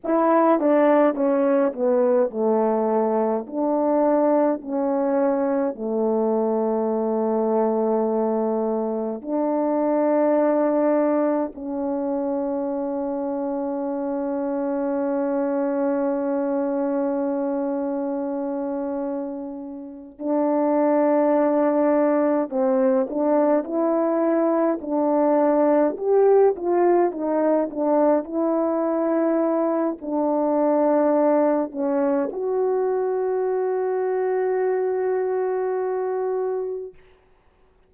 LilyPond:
\new Staff \with { instrumentName = "horn" } { \time 4/4 \tempo 4 = 52 e'8 d'8 cis'8 b8 a4 d'4 | cis'4 a2. | d'2 cis'2~ | cis'1~ |
cis'4. d'2 c'8 | d'8 e'4 d'4 g'8 f'8 dis'8 | d'8 e'4. d'4. cis'8 | fis'1 | }